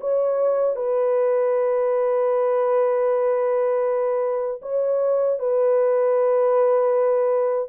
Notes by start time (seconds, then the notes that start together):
0.00 C#5
0.76 B4
4.62 C#5
5.39 B4